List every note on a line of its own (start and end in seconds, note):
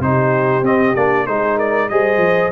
0.00 0.63 C3
0.00 0.64 D#4
0.00 1.28 G4
0.00 0.65 C5
0.63 0.94 C4
0.63 0.96 C4
0.63 0.96 D#5
0.96 1.28 A#3
0.96 1.28 D4
0.96 1.27 D5
1.27 1.91 G#3
1.27 1.91 D#4
1.27 1.57 G#4
1.27 1.59 C5
1.57 1.89 A#4
1.57 1.89 D5
1.89 2.18 G3
1.89 2.53 G#4
1.89 2.53 C5
1.89 2.52 D#5
2.18 2.49 F3